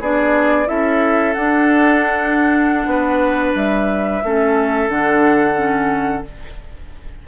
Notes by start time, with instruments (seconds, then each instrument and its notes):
0.00 bassoon B3, clarinet D4, oboe G#4, flute D5
0.66 bassoon C#4, clarinet E4, oboe A4, flute E5
1.34 clarinet D4, bassoon D4, flute F#5
2.86 bassoon B3, oboe B4
3.55 bassoon G3, flute E5
4.24 bassoon A3, clarinet C#4, oboe A4
4.88 bassoon D3, clarinet D4, flute F#5
5.56 clarinet C#4